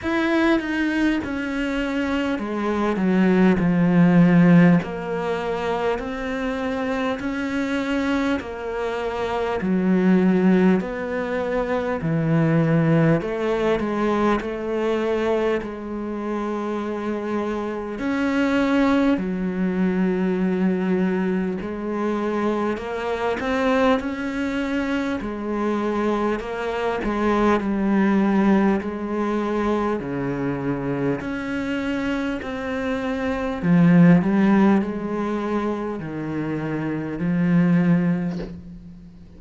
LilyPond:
\new Staff \with { instrumentName = "cello" } { \time 4/4 \tempo 4 = 50 e'8 dis'8 cis'4 gis8 fis8 f4 | ais4 c'4 cis'4 ais4 | fis4 b4 e4 a8 gis8 | a4 gis2 cis'4 |
fis2 gis4 ais8 c'8 | cis'4 gis4 ais8 gis8 g4 | gis4 cis4 cis'4 c'4 | f8 g8 gis4 dis4 f4 | }